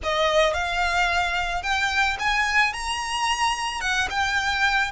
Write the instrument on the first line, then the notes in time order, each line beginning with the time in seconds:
violin
0.03 D#5
0.53 F5
1.62 G5
2.19 G#5
2.73 A#5
3.80 F#5
4.09 G5